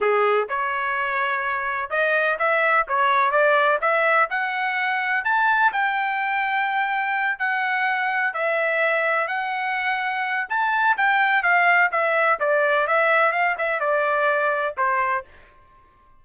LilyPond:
\new Staff \with { instrumentName = "trumpet" } { \time 4/4 \tempo 4 = 126 gis'4 cis''2. | dis''4 e''4 cis''4 d''4 | e''4 fis''2 a''4 | g''2.~ g''8 fis''8~ |
fis''4. e''2 fis''8~ | fis''2 a''4 g''4 | f''4 e''4 d''4 e''4 | f''8 e''8 d''2 c''4 | }